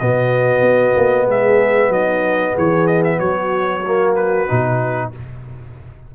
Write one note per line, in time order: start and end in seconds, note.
0.00 0.61 B2
0.00 3.84 B3
0.00 1.26 F#4
0.00 1.28 D#5
0.61 0.93 B3
0.96 1.27 A#3
1.26 1.89 G#3
1.26 1.90 G#4
1.26 1.92 E5
1.89 2.52 F#3
1.89 2.53 D#4
1.89 2.56 D#5
2.53 3.20 E3
2.53 3.17 G#4
2.53 2.87 C#5
2.87 3.03 D#5
3.04 3.19 E5
3.17 4.48 F#3
3.17 5.08 F#4
3.17 4.15 C#5
3.86 4.48 A#3
4.15 5.11 B4
4.48 5.15 B2
4.48 5.12 D#4